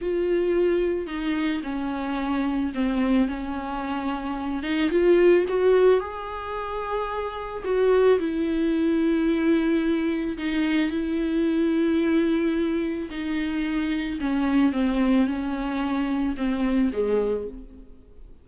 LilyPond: \new Staff \with { instrumentName = "viola" } { \time 4/4 \tempo 4 = 110 f'2 dis'4 cis'4~ | cis'4 c'4 cis'2~ | cis'8 dis'8 f'4 fis'4 gis'4~ | gis'2 fis'4 e'4~ |
e'2. dis'4 | e'1 | dis'2 cis'4 c'4 | cis'2 c'4 gis4 | }